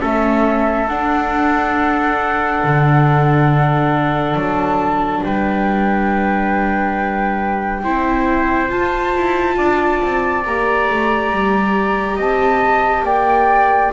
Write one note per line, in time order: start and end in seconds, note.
0.00 0.89 A3
0.00 0.87 C#4
0.00 5.22 A4
0.00 0.88 E5
0.88 2.63 D4
0.88 7.84 D4
0.88 4.36 F#5
2.64 4.35 D3
4.35 5.22 F#3
4.35 5.23 A5
5.23 7.84 G3
5.23 7.84 B4
5.23 8.70 G5
7.84 8.71 C4
7.84 8.69 E4
7.84 9.58 C5
8.69 10.43 F4
8.69 9.15 F4
8.69 10.44 A5
9.16 9.58 E4
9.58 10.01 D4
9.58 12.16 D5
10.03 10.46 C4
10.45 10.90 A#3
10.45 13.93 G4
10.45 12.19 A#5
10.90 11.31 A3
11.31 12.18 G3
12.16 13.03 C4
12.16 13.03 D#5
12.16 13.05 A5
13.03 13.90 A#3
13.03 13.93 D5
13.03 13.92 G5